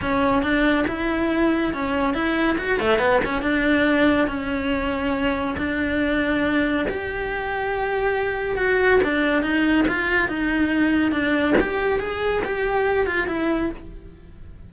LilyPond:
\new Staff \with { instrumentName = "cello" } { \time 4/4 \tempo 4 = 140 cis'4 d'4 e'2 | cis'4 e'4 fis'8 a8 b8 cis'8 | d'2 cis'2~ | cis'4 d'2. |
g'1 | fis'4 d'4 dis'4 f'4 | dis'2 d'4 g'4 | gis'4 g'4. f'8 e'4 | }